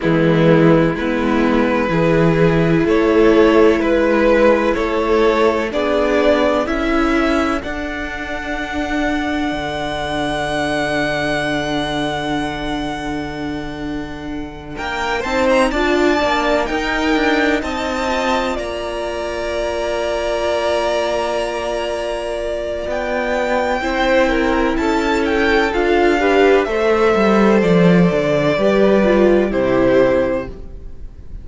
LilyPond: <<
  \new Staff \with { instrumentName = "violin" } { \time 4/4 \tempo 4 = 63 e'4 b'2 cis''4 | b'4 cis''4 d''4 e''4 | fis''1~ | fis''2.~ fis''8 g''8 |
a''16 ais''16 a''4 g''4 a''4 ais''8~ | ais''1 | g''2 a''8 g''8 f''4 | e''4 d''2 c''4 | }
  \new Staff \with { instrumentName = "violin" } { \time 4/4 b4 e'4 gis'4 a'4 | b'4 a'4 gis'4 a'4~ | a'1~ | a'2.~ a'8 ais'8 |
c''8 d''4 ais'4 dis''4 d''8~ | d''1~ | d''4 c''8 ais'8 a'4. b'8 | c''2 b'4 g'4 | }
  \new Staff \with { instrumentName = "viola" } { \time 4/4 gis4 b4 e'2~ | e'2 d'4 e'4 | d'1~ | d'1 |
dis'8 f'8 d'8 dis'4. f'4~ | f'1~ | f'4 e'2 f'8 g'8 | a'2 g'8 f'8 e'4 | }
  \new Staff \with { instrumentName = "cello" } { \time 4/4 e4 gis4 e4 a4 | gis4 a4 b4 cis'4 | d'2 d2~ | d2.~ d8 ais8 |
c'8 d'8 ais8 dis'8 d'8 c'4 ais8~ | ais1 | b4 c'4 cis'4 d'4 | a8 g8 f8 d8 g4 c4 | }
>>